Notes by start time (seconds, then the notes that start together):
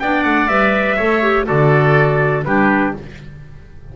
0.00 B3 D4 D5 G5
0.24 A3 F#5
0.48 G3 B4 E5
0.96 A3 A4 C#5
1.22 G4
1.45 D3 F#4 A4 D5
2.45 G3 D4 G4 B4